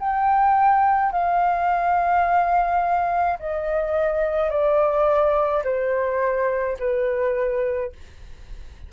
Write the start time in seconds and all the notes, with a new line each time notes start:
0.00 G5
1.12 F5
3.40 D#5
4.50 D5
5.64 C5
6.79 B4